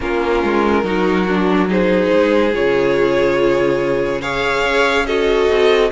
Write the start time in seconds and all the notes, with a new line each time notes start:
0.00 A#3 C#4 F4 A#4
0.43 G#3
0.83 F#3 D#4 F#4
1.28 D4
1.68 D#4 G#4 C5
2.13 G#3
2.52 C#3 F4 C#5
4.21 G#4 C#5 F5
4.64 C#4
5.06 F#4 A4 D#5
5.49 C4